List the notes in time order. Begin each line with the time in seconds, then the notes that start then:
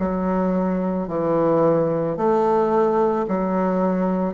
0.00 F#3
1.08 E3
2.17 A3
3.29 F#3